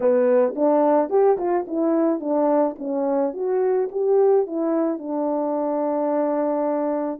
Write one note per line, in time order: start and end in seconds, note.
0.00 0.54 B3
0.55 1.09 D4
1.09 1.37 G4
1.37 1.65 F4
1.67 2.20 E4
2.20 2.75 D4
2.78 3.33 C#4
3.33 3.89 F#4
3.91 4.46 G4
4.46 4.98 E4
4.98 7.20 D4